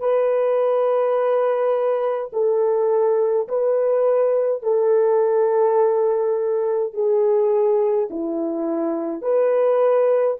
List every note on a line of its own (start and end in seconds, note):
0.00 2.31 B4
2.33 3.48 A4
3.48 4.63 B4
4.63 6.93 A4
6.93 8.09 G#4
8.10 9.22 E4
9.22 10.37 B4